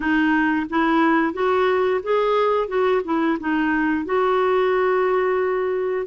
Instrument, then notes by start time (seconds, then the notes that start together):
clarinet
0.00 D#4
0.69 E4
1.33 F#4
2.03 G#4
2.68 F#4
3.04 E4
3.40 D#4
4.05 F#4